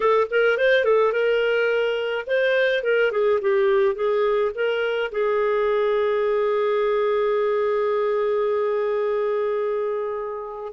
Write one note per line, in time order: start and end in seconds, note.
0.00 0.27 A4
0.30 0.57 A#4
0.57 0.84 C5
0.84 1.12 A4
1.12 2.25 A#4
2.26 2.83 C5
2.83 3.11 A#4
3.11 3.39 G#4
3.41 3.95 G4
3.95 4.51 G#4
4.54 5.11 A#4
5.11 10.73 G#4